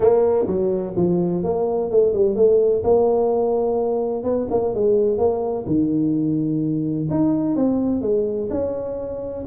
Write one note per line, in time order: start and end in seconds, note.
0.00 0.46 A#3
0.47 0.94 F#3
0.96 1.43 F3
1.43 1.90 A#3
1.90 2.13 A3
2.13 2.35 G3
2.35 2.83 A3
2.83 4.23 A#3
4.23 4.47 B3
4.50 4.74 A#3
4.74 5.18 G#3
5.18 5.65 A#3
5.66 7.08 D#3
7.10 7.55 D#4
7.55 8.01 C4
8.01 8.48 G#3
8.50 9.44 C#4